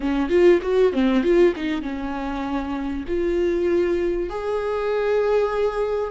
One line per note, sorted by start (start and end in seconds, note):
0.00 0.29 C#4
0.29 0.59 F4
0.62 0.92 F#4
0.92 1.23 C4
1.23 1.53 F4
1.56 1.82 D#4
1.82 3.04 C#4
3.07 4.29 F4
4.29 6.11 G#4